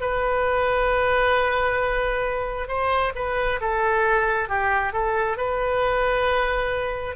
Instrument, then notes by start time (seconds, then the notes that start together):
oboe
0.00 B4
2.68 C5
3.15 B4
3.61 A4
4.49 G4
4.93 A4
5.37 B4